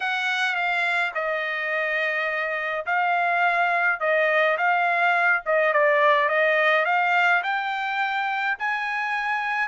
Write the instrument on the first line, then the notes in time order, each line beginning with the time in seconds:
trumpet
0.00 F#5
0.55 F5
1.14 D#5
2.85 F5
4.00 D#5
4.57 F5
5.45 D#5
5.73 D5
6.28 D#5
6.85 F5
7.43 G5
8.59 G#5